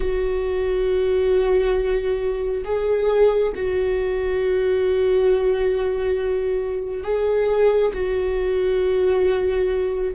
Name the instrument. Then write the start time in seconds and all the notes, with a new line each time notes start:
viola
0.00 F#4
2.64 G#4
3.55 F#4
7.03 G#4
7.93 F#4